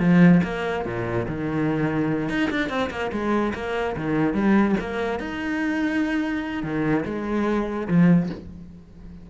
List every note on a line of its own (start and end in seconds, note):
0.00 0.41 F3
0.44 0.85 A#3
0.86 1.27 A#2
1.28 2.29 D#3
2.29 2.50 D#4
2.51 2.70 D4
2.70 2.90 C4
2.91 3.11 A#3
3.12 3.54 G#3
3.55 3.96 A#3
3.97 4.34 D#3
4.34 4.75 G3
4.81 5.20 A#3
5.20 6.64 D#4
6.64 7.05 D#3
7.05 7.88 G#3
7.88 8.30 F3